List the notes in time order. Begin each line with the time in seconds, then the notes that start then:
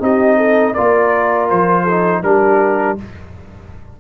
0.00 C4 D#4 G4 D#5
0.36 A4
0.73 A#3 F4 A#4 D5
1.49 F3 C5
1.83 D#4 A4
2.23 G3 D4 G4 A#4